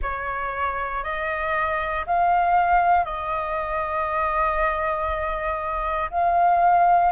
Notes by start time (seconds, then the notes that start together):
0.01 C#5
1.03 D#5
2.06 F5
3.05 D#5
6.10 F5